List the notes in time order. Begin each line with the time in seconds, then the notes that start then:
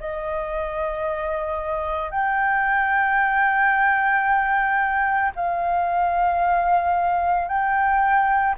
0.00 D#5
2.11 G5
5.36 F5
7.49 G5